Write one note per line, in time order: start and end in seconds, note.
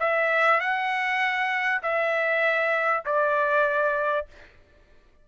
0.00 0.60 E5
0.60 1.82 F#5
1.83 3.04 E5
3.06 4.27 D5